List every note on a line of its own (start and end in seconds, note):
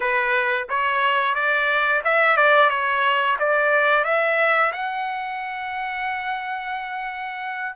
0.00 0.67 B4
0.69 1.34 C#5
1.34 2.02 D5
2.04 2.36 E5
2.36 2.69 D5
2.69 3.36 C#5
3.39 4.04 D5
4.04 4.72 E5
4.72 7.75 F#5